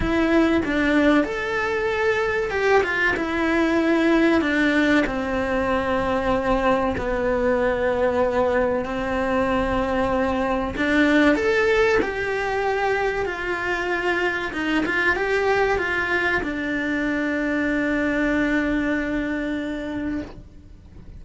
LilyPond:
\new Staff \with { instrumentName = "cello" } { \time 4/4 \tempo 4 = 95 e'4 d'4 a'2 | g'8 f'8 e'2 d'4 | c'2. b4~ | b2 c'2~ |
c'4 d'4 a'4 g'4~ | g'4 f'2 dis'8 f'8 | g'4 f'4 d'2~ | d'1 | }